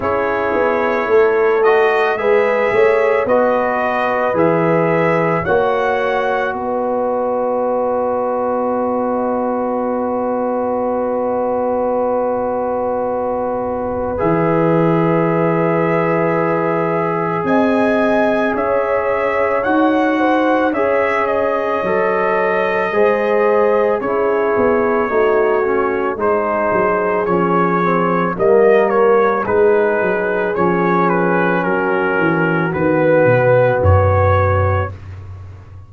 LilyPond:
<<
  \new Staff \with { instrumentName = "trumpet" } { \time 4/4 \tempo 4 = 55 cis''4. dis''8 e''4 dis''4 | e''4 fis''4 dis''2~ | dis''1~ | dis''4 e''2. |
gis''4 e''4 fis''4 e''8 dis''8~ | dis''2 cis''2 | c''4 cis''4 dis''8 cis''8 b'4 | cis''8 b'8 ais'4 b'4 cis''4 | }
  \new Staff \with { instrumentName = "horn" } { \time 4/4 gis'4 a'4 b'8 cis''8 b'4~ | b'4 cis''4 b'2~ | b'1~ | b'1 |
dis''4 cis''4. c''8 cis''4~ | cis''4 c''4 gis'4 fis'4 | gis'2 ais'4 gis'4~ | gis'4 fis'2. | }
  \new Staff \with { instrumentName = "trombone" } { \time 4/4 e'4. fis'8 gis'4 fis'4 | gis'4 fis'2.~ | fis'1~ | fis'4 gis'2.~ |
gis'2 fis'4 gis'4 | a'4 gis'4 e'4 dis'8 cis'8 | dis'4 cis'8 c'8 ais4 dis'4 | cis'2 b2 | }
  \new Staff \with { instrumentName = "tuba" } { \time 4/4 cis'8 b8 a4 gis8 a8 b4 | e4 ais4 b2~ | b1~ | b4 e2. |
c'4 cis'4 dis'4 cis'4 | fis4 gis4 cis'8 b8 a4 | gis8 fis8 f4 g4 gis8 fis8 | f4 fis8 e8 dis8 b,8 fis,4 | }
>>